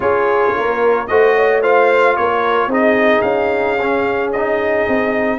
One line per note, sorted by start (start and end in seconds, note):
0.00 0.51 C#4
0.00 1.06 F4
0.00 0.55 G#4
0.00 1.07 C#5
0.55 1.09 A#3
0.55 1.09 A#4
1.07 2.17 A3
1.07 1.62 F#4
1.07 1.35 C5
1.07 1.61 D#5
1.35 1.62 C#5
1.62 2.70 F4
1.62 2.16 C5
1.62 2.16 F5
2.16 2.67 A#3
2.16 2.69 A#4
2.16 2.70 C#5
2.67 3.21 C4
2.67 3.78 D#4
2.67 5.39 G#4
2.67 3.21 D#5
3.21 4.84 C#4
3.21 4.30 F5
3.80 4.34 C#4
4.32 5.39 D#4
4.32 5.39 D#5
4.88 5.39 C4